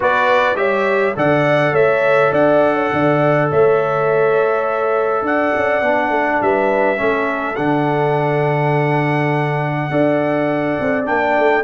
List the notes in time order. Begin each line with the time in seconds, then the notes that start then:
0.00 B3 F#4 B4 D5
0.55 G3 G4 C#5 E5
1.16 D3 A4 D5 F#5
1.72 A3 C#5 E5
2.31 D4 D5 F#5
2.75 C#5
2.92 D3 D5
3.50 A3 C#5 E5
5.21 D4 D5 F#5
5.55 C#4
5.81 B3 D4
6.10 A3 A4
6.41 G3 B4 E5
6.96 A3 C#4 A4
7.55 D3 D4 F#5
9.90 D4 A4 D5
10.79 C4
11.05 A#3 D4 G5
11.38 A3